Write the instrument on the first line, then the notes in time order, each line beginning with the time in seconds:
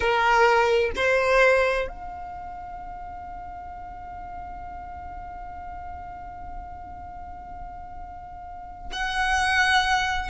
violin
0.00 A#4
0.95 C5
1.88 F5
8.92 F#5